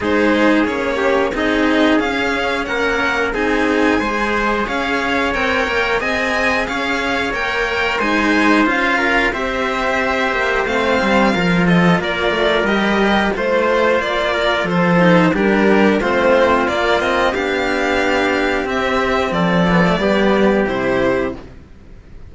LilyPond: <<
  \new Staff \with { instrumentName = "violin" } { \time 4/4 \tempo 4 = 90 c''4 cis''4 dis''4 f''4 | fis''4 gis''2 f''4 | g''4 gis''4 f''4 g''4 | gis''4 f''4 e''2 |
f''4. dis''8 d''4 dis''4 | c''4 d''4 c''4 ais'4 | c''4 d''8 dis''8 f''2 | e''4 d''2 c''4 | }
  \new Staff \with { instrumentName = "trumpet" } { \time 4/4 gis'4. g'8 gis'2 | ais'4 gis'4 c''4 cis''4~ | cis''4 dis''4 cis''2 | c''4. ais'8 c''2~ |
c''4 ais'8 a'8 ais'2 | c''4. ais'8 a'4 g'4 | f'2 g'2~ | g'4 a'4 g'2 | }
  \new Staff \with { instrumentName = "cello" } { \time 4/4 dis'4 cis'4 dis'4 cis'4~ | cis'4 dis'4 gis'2 | ais'4 gis'2 ais'4 | dis'4 f'4 g'2 |
c'4 f'2 g'4 | f'2~ f'8 dis'8 d'4 | c'4 ais8 c'8 d'2 | c'4. b16 a16 b4 e'4 | }
  \new Staff \with { instrumentName = "cello" } { \time 4/4 gis4 ais4 c'4 cis'4 | ais4 c'4 gis4 cis'4 | c'8 ais8 c'4 cis'4 ais4 | gis4 cis'4 c'4. ais8 |
a8 g8 f4 ais8 a8 g4 | a4 ais4 f4 g4 | a4 ais4 b2 | c'4 f4 g4 c4 | }
>>